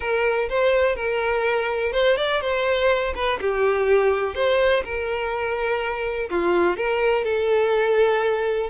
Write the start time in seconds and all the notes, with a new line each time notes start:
0.00 A#4
0.49 C5
0.95 A#4
1.92 C5
2.17 D5
2.41 C5
3.15 B4
3.40 G4
4.34 C5
4.84 A#4
6.29 F4
6.76 A#4
7.24 A4